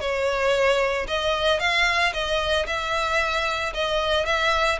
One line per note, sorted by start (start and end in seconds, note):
0.00 1.06 C#5
1.07 1.59 D#5
1.59 2.12 F5
2.13 2.66 D#5
2.67 3.73 E5
3.74 4.25 D#5
4.25 4.78 E5